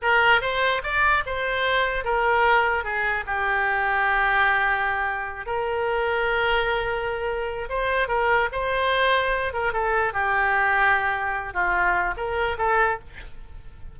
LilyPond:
\new Staff \with { instrumentName = "oboe" } { \time 4/4 \tempo 4 = 148 ais'4 c''4 d''4 c''4~ | c''4 ais'2 gis'4 | g'1~ | g'4. ais'2~ ais'8~ |
ais'2. c''4 | ais'4 c''2~ c''8 ais'8 | a'4 g'2.~ | g'8 f'4. ais'4 a'4 | }